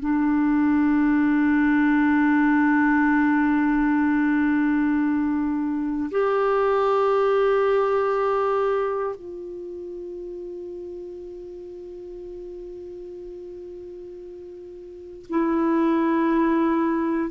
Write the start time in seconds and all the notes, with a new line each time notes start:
0.00 D4
6.11 G4
9.16 F4
15.29 E4